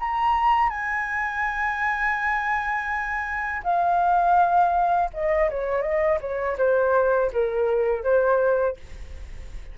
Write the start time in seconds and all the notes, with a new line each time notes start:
0.00 A#5
0.70 G#5
3.64 F5
5.14 D#5
5.50 C#5
5.82 D#5
6.21 C#5
6.58 C5
7.33 A#4
8.04 C5